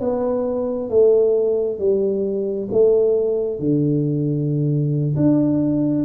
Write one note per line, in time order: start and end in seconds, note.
0.00 0.90 B3
0.90 1.79 A3
1.79 2.68 G3
2.72 3.59 A3
3.59 5.16 D3
5.16 6.05 D4